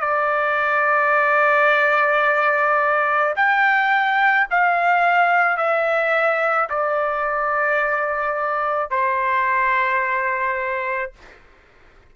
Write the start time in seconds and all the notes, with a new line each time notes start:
0.00 D5
3.36 G5
4.50 F5
5.57 E5
6.69 D5
8.90 C5